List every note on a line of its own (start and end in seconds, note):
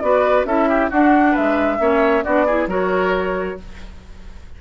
0.00 0.45 B3
0.00 0.47 F#4
0.00 0.47 B4
0.00 0.44 D5
0.45 0.89 C#4
0.45 0.91 E4
0.45 0.69 A4
0.45 0.91 E5
0.69 0.90 G4
0.90 1.36 D4
0.90 1.79 D4
0.90 1.32 F#4
0.90 1.36 F#5
1.32 1.76 B4
1.32 2.24 E5
1.38 1.79 G#3
1.79 2.24 A#3
1.79 2.24 C#4
1.79 2.24 C#5
2.24 2.67 B3
2.24 2.47 D4
2.24 2.46 F#4
2.24 2.68 D5
2.46 2.69 E4
2.46 2.68 G#4
2.67 3.56 F#3
2.67 3.58 F#4
2.67 3.58 A#4
2.67 3.61 C#5